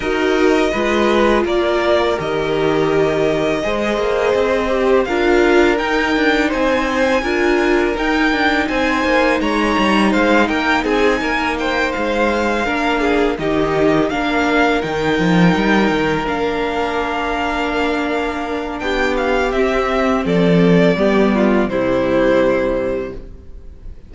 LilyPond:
<<
  \new Staff \with { instrumentName = "violin" } { \time 4/4 \tempo 4 = 83 dis''2 d''4 dis''4~ | dis''2. f''4 | g''4 gis''2 g''4 | gis''4 ais''4 f''8 g''8 gis''4 |
g''8 f''2 dis''4 f''8~ | f''8 g''2 f''4.~ | f''2 g''8 f''8 e''4 | d''2 c''2 | }
  \new Staff \with { instrumentName = "violin" } { \time 4/4 ais'4 b'4 ais'2~ | ais'4 c''2 ais'4~ | ais'4 c''4 ais'2 | c''4 cis''4 c''8 ais'8 gis'8 ais'8 |
c''4. ais'8 gis'8 g'4 ais'8~ | ais'1~ | ais'2 g'2 | a'4 g'8 f'8 e'2 | }
  \new Staff \with { instrumentName = "viola" } { \time 4/4 fis'4 f'2 g'4~ | g'4 gis'4. g'8 f'4 | dis'2 f'4 dis'4~ | dis'1~ |
dis'4. d'4 dis'4 d'8~ | d'8 dis'2 d'4.~ | d'2. c'4~ | c'4 b4 g2 | }
  \new Staff \with { instrumentName = "cello" } { \time 4/4 dis'4 gis4 ais4 dis4~ | dis4 gis8 ais8 c'4 d'4 | dis'8 d'8 c'4 d'4 dis'8 d'8 | c'8 ais8 gis8 g8 gis8 ais8 c'8 ais8~ |
ais8 gis4 ais4 dis4 ais8~ | ais8 dis8 f8 g8 dis8 ais4.~ | ais2 b4 c'4 | f4 g4 c2 | }
>>